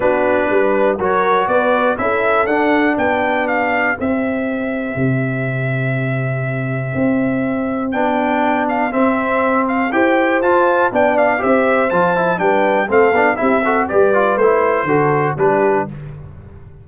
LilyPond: <<
  \new Staff \with { instrumentName = "trumpet" } { \time 4/4 \tempo 4 = 121 b'2 cis''4 d''4 | e''4 fis''4 g''4 f''4 | e''1~ | e''1 |
g''4. f''8 e''4. f''8 | g''4 a''4 g''8 f''8 e''4 | a''4 g''4 f''4 e''4 | d''4 c''2 b'4 | }
  \new Staff \with { instrumentName = "horn" } { \time 4/4 fis'4 b'4 ais'4 b'4 | a'2 g'2~ | g'1~ | g'1~ |
g'1 | c''2 d''4 c''4~ | c''4 b'4 a'4 g'8 a'8 | b'2 a'4 g'4 | }
  \new Staff \with { instrumentName = "trombone" } { \time 4/4 d'2 fis'2 | e'4 d'2. | c'1~ | c'1 |
d'2 c'2 | g'4 f'4 d'4 g'4 | f'8 e'8 d'4 c'8 d'8 e'8 fis'8 | g'8 f'8 e'4 fis'4 d'4 | }
  \new Staff \with { instrumentName = "tuba" } { \time 4/4 b4 g4 fis4 b4 | cis'4 d'4 b2 | c'2 c2~ | c2 c'2 |
b2 c'2 | e'4 f'4 b4 c'4 | f4 g4 a8 b8 c'4 | g4 a4 d4 g4 | }
>>